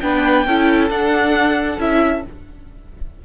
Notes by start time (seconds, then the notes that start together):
0.00 B3 D4 B4 G5
0.47 C#4 E4 A4
0.90 D4 F#5
1.78 C#4 E4 E5